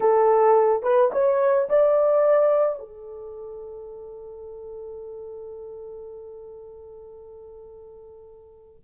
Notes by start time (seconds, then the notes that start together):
0.00 A4
0.83 B4
1.12 C#5
1.69 D5
2.79 A4